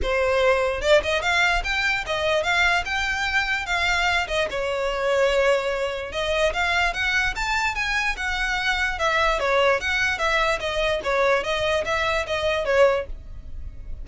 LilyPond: \new Staff \with { instrumentName = "violin" } { \time 4/4 \tempo 4 = 147 c''2 d''8 dis''8 f''4 | g''4 dis''4 f''4 g''4~ | g''4 f''4. dis''8 cis''4~ | cis''2. dis''4 |
f''4 fis''4 a''4 gis''4 | fis''2 e''4 cis''4 | fis''4 e''4 dis''4 cis''4 | dis''4 e''4 dis''4 cis''4 | }